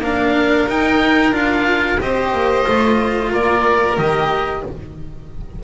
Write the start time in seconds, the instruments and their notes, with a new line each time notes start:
0.00 double bass A#3, cello D4, violin A#4, oboe F5
0.68 double bass D#4, cello D#4, oboe G5
1.32 double bass D4, cello F4, oboe F5
2.00 double bass C4, cello G4, violin C5, oboe D#5
2.33 double bass A#3
2.66 double bass A3, cello F4
3.30 double bass A#3, violin A#4, oboe D5
3.98 double bass D#3, cello G4, oboe D#5